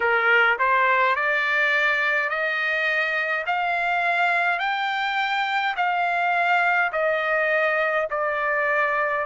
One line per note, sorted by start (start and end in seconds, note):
0.00 0.58 A#4
0.58 1.15 C5
1.15 2.29 D5
2.29 3.45 D#5
3.46 4.59 F5
4.59 5.74 G5
5.76 6.91 F5
6.92 8.08 D#5
8.10 9.25 D5